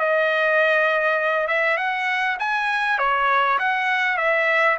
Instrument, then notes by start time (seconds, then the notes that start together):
trumpet
0.00 D#5
1.48 E5
1.78 F#5
2.40 G#5
2.99 C#5
3.59 F#5
4.18 E5